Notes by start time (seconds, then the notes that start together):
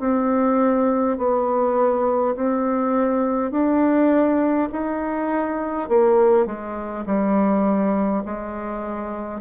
0.00 C4
1.18 B3
2.36 C4
3.51 D4
4.72 D#4
5.89 A#3
6.46 G#3
7.06 G3
8.25 G#3